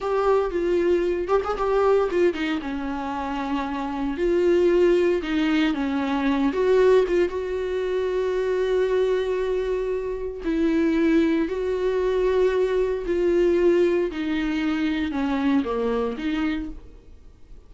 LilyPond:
\new Staff \with { instrumentName = "viola" } { \time 4/4 \tempo 4 = 115 g'4 f'4. g'16 gis'16 g'4 | f'8 dis'8 cis'2. | f'2 dis'4 cis'4~ | cis'8 fis'4 f'8 fis'2~ |
fis'1 | e'2 fis'2~ | fis'4 f'2 dis'4~ | dis'4 cis'4 ais4 dis'4 | }